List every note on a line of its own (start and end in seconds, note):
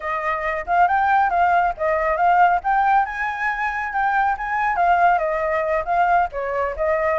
0.00 0.65 D#5
0.66 0.87 F5
0.87 1.30 G5
1.30 1.73 F5
1.77 2.16 D#5
2.16 2.60 F5
2.63 3.05 G5
3.05 3.92 G#5
3.92 4.36 G5
4.37 4.76 G#5
4.76 5.18 F5
5.18 5.83 D#5
5.84 6.28 F5
6.32 6.75 C#5
6.76 7.19 D#5